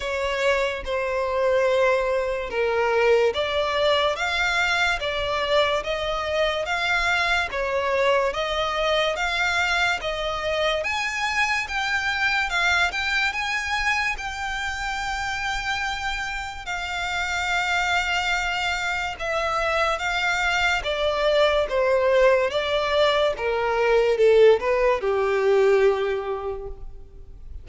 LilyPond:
\new Staff \with { instrumentName = "violin" } { \time 4/4 \tempo 4 = 72 cis''4 c''2 ais'4 | d''4 f''4 d''4 dis''4 | f''4 cis''4 dis''4 f''4 | dis''4 gis''4 g''4 f''8 g''8 |
gis''4 g''2. | f''2. e''4 | f''4 d''4 c''4 d''4 | ais'4 a'8 b'8 g'2 | }